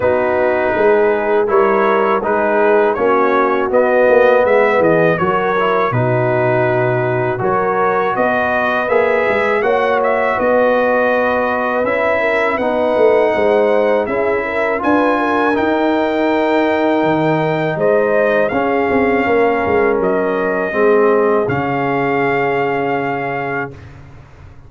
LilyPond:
<<
  \new Staff \with { instrumentName = "trumpet" } { \time 4/4 \tempo 4 = 81 b'2 cis''4 b'4 | cis''4 dis''4 e''8 dis''8 cis''4 | b'2 cis''4 dis''4 | e''4 fis''8 e''8 dis''2 |
e''4 fis''2 e''4 | gis''4 g''2. | dis''4 f''2 dis''4~ | dis''4 f''2. | }
  \new Staff \with { instrumentName = "horn" } { \time 4/4 fis'4 gis'4 ais'4 gis'4 | fis'2 b'8 gis'8 ais'4 | fis'2 ais'4 b'4~ | b'4 cis''4 b'2~ |
b'8 ais'8 b'4 c''4 gis'8 ais'8 | b'8 ais'2.~ ais'8 | c''4 gis'4 ais'2 | gis'1 | }
  \new Staff \with { instrumentName = "trombone" } { \time 4/4 dis'2 e'4 dis'4 | cis'4 b2 fis'8 e'8 | dis'2 fis'2 | gis'4 fis'2. |
e'4 dis'2 e'4 | f'4 dis'2.~ | dis'4 cis'2. | c'4 cis'2. | }
  \new Staff \with { instrumentName = "tuba" } { \time 4/4 b4 gis4 g4 gis4 | ais4 b8 ais8 gis8 e8 fis4 | b,2 fis4 b4 | ais8 gis8 ais4 b2 |
cis'4 b8 a8 gis4 cis'4 | d'4 dis'2 dis4 | gis4 cis'8 c'8 ais8 gis8 fis4 | gis4 cis2. | }
>>